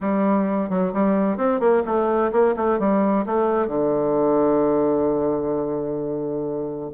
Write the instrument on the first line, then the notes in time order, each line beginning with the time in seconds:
bassoon
0.01 G3
0.69 F#3
0.93 G3
1.37 C4
1.59 A#3
1.85 A3
2.31 A#3
2.56 A3
2.79 G3
3.26 A3
3.67 D3